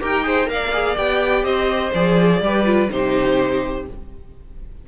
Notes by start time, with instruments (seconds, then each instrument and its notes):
0.00 cello D#4, viola G4, violin A#4 G5
0.23 viola G#4, violin C5
0.46 cello A#3, viola A#4, violin F5
0.53 violin D5
0.73 viola G#4
0.97 cello B3, viola G4, violin G5
1.44 cello C4, violin C5 D#5
1.94 cello F3, viola G#4, violin D5
2.41 cello G3, viola G4, violin B4
2.66 viola F4
2.90 cello C3, viola D#4, violin G4 C5